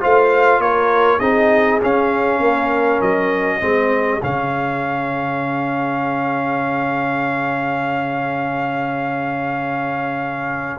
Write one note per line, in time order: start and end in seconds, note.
0.00 0.59 A3
0.00 1.20 F4
0.00 0.61 C5
0.00 0.61 F5
0.59 1.19 A#3
0.59 1.20 A#4
0.59 1.19 C#5
1.19 1.80 C4
1.19 1.80 D#4
1.19 2.40 G#4
1.19 1.79 D#5
1.80 3.60 C#4
1.80 2.40 C#4
1.80 3.01 F5
2.40 3.00 A#3
2.40 3.59 A#4
3.01 3.61 F#3
3.01 4.21 D#5
3.59 4.21 G#3
3.59 4.21 C4
3.59 10.79 G#4
4.22 10.79 C#3
4.22 10.79 C#4
4.22 10.79 F5